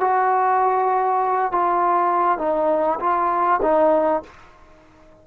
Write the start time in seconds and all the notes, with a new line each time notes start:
0.00 F#4
1.52 F4
2.38 D#4
2.99 F4
3.62 D#4